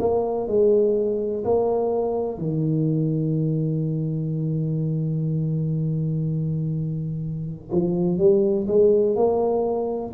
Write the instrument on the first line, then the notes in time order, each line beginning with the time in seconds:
tuba
0.00 A#3
0.48 G#3
1.45 A#3
2.38 D#3
7.72 F3
8.19 G3
8.68 G#3
9.16 A#3